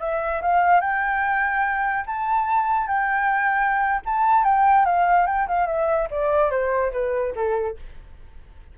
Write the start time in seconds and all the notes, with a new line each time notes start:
0.00 E5
0.42 F5
0.81 G5
2.07 A5
2.87 G5
4.06 A5
4.44 G5
4.85 F5
5.27 G5
5.48 F5
5.67 E5
6.11 D5
6.51 C5
6.92 B4
7.35 A4